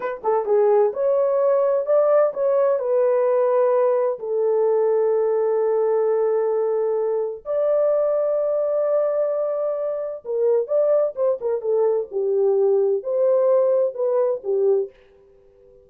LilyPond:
\new Staff \with { instrumentName = "horn" } { \time 4/4 \tempo 4 = 129 b'8 a'8 gis'4 cis''2 | d''4 cis''4 b'2~ | b'4 a'2.~ | a'1 |
d''1~ | d''2 ais'4 d''4 | c''8 ais'8 a'4 g'2 | c''2 b'4 g'4 | }